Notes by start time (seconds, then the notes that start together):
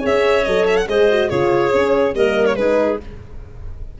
0.00 C#4 G#4 C#5 E5
0.44 F#3 A4 D#5
0.67 E5
0.77 F#5
0.88 G#3 G#4 C5 D#5
1.10 F#4
1.29 C#3 F4 G#4 C#5
1.71 C#4
2.14 G3 A#3 A#4 D#5
2.46 C#5
2.55 G#3 D#4 G#4 B4